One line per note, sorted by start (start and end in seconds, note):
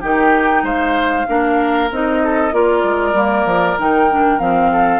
0.00 0.62 D#3
0.00 1.26 D#4
0.00 0.62 G4
0.00 0.65 G5
0.62 1.25 G#3
0.62 1.26 C5
0.62 1.91 F5
1.27 1.90 A#3
1.27 1.89 D4
1.27 2.23 A#4
1.90 2.52 C4
1.90 2.52 D#4
1.90 2.54 D#5
2.24 2.54 A4
2.52 2.83 A#3
2.52 3.14 F4
2.52 4.72 A#4
2.52 3.79 D5
2.84 3.13 G#3
3.13 3.44 G3
3.13 3.77 A#3
3.45 3.76 F3
3.79 4.39 D#3
3.79 4.10 D#4
3.79 4.39 G5
4.10 4.39 D4
4.39 5.00 F3
4.39 5.00 C4
4.39 5.00 F5
4.72 5.00 A4